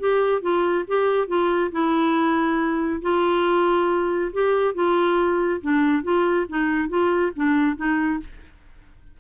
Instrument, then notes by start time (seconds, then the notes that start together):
clarinet
0.00 G4
0.42 F4
0.88 G4
1.28 F4
1.72 E4
3.02 F4
4.33 G4
4.75 F4
5.62 D4
6.04 F4
6.49 D#4
6.89 F4
7.36 D4
7.77 D#4